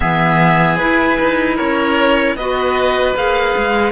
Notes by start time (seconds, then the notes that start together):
0.00 E3 B3 G#4 E5
0.77 E4 B4
1.19 D#4
1.55 C#4 A#4 C#5
2.36 B3 F#4 B4 D#5
3.15 A#3 G#4 F5
3.56 G#3